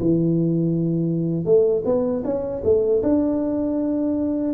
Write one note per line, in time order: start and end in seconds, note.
0.00 1.45 E3
1.45 1.83 A3
1.85 2.23 B3
2.24 2.62 C#4
2.64 3.02 A3
3.03 4.54 D4